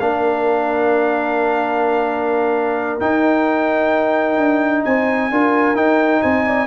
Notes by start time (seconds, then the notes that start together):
0.00 A#3 D4 A#4 F5
3.01 D#4 G5
4.38 D4
4.85 C4 C5 G#5
5.31 D4 F4 A#4
5.76 D#4 G5
6.22 C4 C5 G#5
6.47 D5